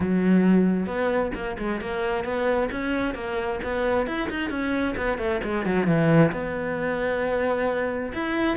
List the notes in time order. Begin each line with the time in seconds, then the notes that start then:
0.00 F#3
0.86 B3
1.34 A#3
1.58 G#3
1.80 A#3
2.24 B3
2.71 C#4
3.14 A#3
3.63 B3
4.06 E4
4.30 D#4
4.50 C#4
4.96 B3
5.18 A3
5.43 G#3
5.65 F#3
5.86 E3
6.32 B3
8.13 E4